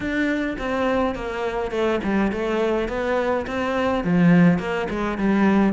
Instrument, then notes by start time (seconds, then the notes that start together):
cello
0.00 D4
0.58 C4
1.15 A#3
1.71 A3
2.03 G3
2.32 A3
2.88 B3
3.46 C4
4.04 F3
4.59 A#3
4.90 G#3
5.18 G3